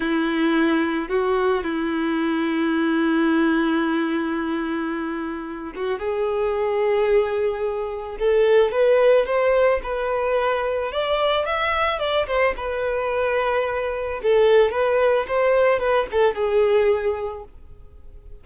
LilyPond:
\new Staff \with { instrumentName = "violin" } { \time 4/4 \tempo 4 = 110 e'2 fis'4 e'4~ | e'1~ | e'2~ e'8 fis'8 gis'4~ | gis'2. a'4 |
b'4 c''4 b'2 | d''4 e''4 d''8 c''8 b'4~ | b'2 a'4 b'4 | c''4 b'8 a'8 gis'2 | }